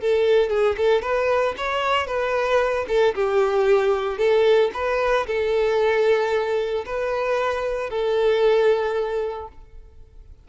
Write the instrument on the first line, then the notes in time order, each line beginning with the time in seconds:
violin
0.00 A4
0.49 G#4
0.77 A4
1.01 B4
1.57 C#5
2.06 B4
2.88 A4
3.15 G4
4.18 A4
4.73 B4
5.26 A4
6.85 B4
7.89 A4